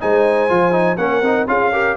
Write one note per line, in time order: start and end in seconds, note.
0.00 0.50 G#3
0.00 0.49 D#4
0.00 1.00 C5
0.00 0.97 G#5
0.49 0.98 F3
0.49 0.72 F4
0.72 0.97 D#4
0.97 1.21 A#3
0.97 1.23 C#4
0.97 1.48 A#4
0.97 1.46 F#5
1.21 1.46 C4
1.21 1.47 D#4
1.47 1.96 C#4
1.47 1.72 F4
1.47 1.72 G#4
1.47 1.97 F5
1.72 1.97 G4
1.72 1.97 A#4